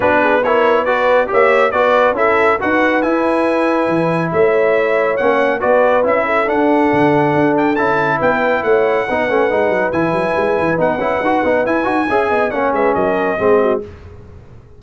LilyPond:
<<
  \new Staff \with { instrumentName = "trumpet" } { \time 4/4 \tempo 4 = 139 b'4 cis''4 d''4 e''4 | d''4 e''4 fis''4 gis''4~ | gis''2 e''2 | fis''4 d''4 e''4 fis''4~ |
fis''4. g''8 a''4 g''4 | fis''2. gis''4~ | gis''4 fis''2 gis''4~ | gis''4 fis''8 e''8 dis''2 | }
  \new Staff \with { instrumentName = "horn" } { \time 4/4 fis'8 gis'8 ais'4 b'4 cis''4 | b'4 a'4 b'2~ | b'2 cis''2~ | cis''4 b'4. a'4.~ |
a'2. b'4 | cis''4 b'2.~ | b'1 | e''8 dis''8 cis''8 b'8 ais'4 gis'8 fis'8 | }
  \new Staff \with { instrumentName = "trombone" } { \time 4/4 d'4 e'4 fis'4 g'4 | fis'4 e'4 fis'4 e'4~ | e'1 | cis'4 fis'4 e'4 d'4~ |
d'2 e'2~ | e'4 dis'8 cis'8 dis'4 e'4~ | e'4 dis'8 e'8 fis'8 dis'8 e'8 fis'8 | gis'4 cis'2 c'4 | }
  \new Staff \with { instrumentName = "tuba" } { \time 4/4 b2. ais4 | b4 cis'4 dis'4 e'4~ | e'4 e4 a2 | ais4 b4 cis'4 d'4 |
d4 d'4 cis'4 b4 | a4 b8 a8 gis8 fis8 e8 fis8 | gis8 e8 b8 cis'8 dis'8 b8 e'8 dis'8 | cis'8 b8 ais8 gis8 fis4 gis4 | }
>>